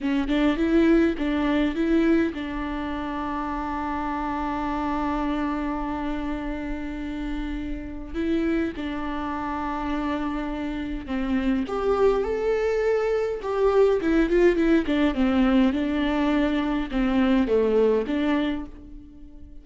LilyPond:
\new Staff \with { instrumentName = "viola" } { \time 4/4 \tempo 4 = 103 cis'8 d'8 e'4 d'4 e'4 | d'1~ | d'1~ | d'2 e'4 d'4~ |
d'2. c'4 | g'4 a'2 g'4 | e'8 f'8 e'8 d'8 c'4 d'4~ | d'4 c'4 a4 d'4 | }